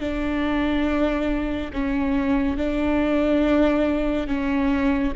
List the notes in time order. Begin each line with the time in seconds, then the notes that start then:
0.00 D4
1.73 C#4
2.57 D4
4.27 C#4